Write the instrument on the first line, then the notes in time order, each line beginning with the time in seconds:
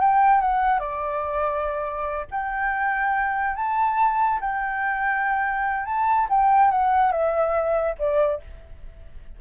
flute
0.00 G5
0.41 F#5
0.79 D5
2.30 G5
3.55 A5
4.40 G5
5.85 A5
6.29 G5
6.71 F#5
7.11 E5
7.98 D5